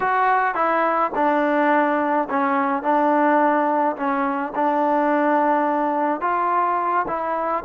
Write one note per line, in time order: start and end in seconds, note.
0.00 0.54 F#4
0.54 1.11 E4
1.15 2.28 D4
2.29 2.83 C#4
2.83 3.96 D4
3.96 4.53 C#4
4.55 6.21 D4
6.21 7.05 F4
7.07 7.64 E4